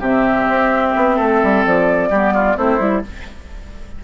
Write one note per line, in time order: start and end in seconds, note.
0.00 0.47 C3
0.00 2.12 C4
0.00 1.16 G4
0.00 1.66 E5
0.49 0.95 C4
0.96 1.19 B3
1.16 1.43 A3
1.16 2.09 A4
1.43 1.66 G3
1.66 2.11 F3
1.66 2.58 D5
2.10 2.57 G3
2.10 2.57 B3
2.10 2.34 G4
2.34 2.56 F4
2.56 2.80 A3
2.56 2.79 C4
2.56 3.03 E4
2.56 3.04 C5
2.79 3.03 G3
2.79 3.02 E4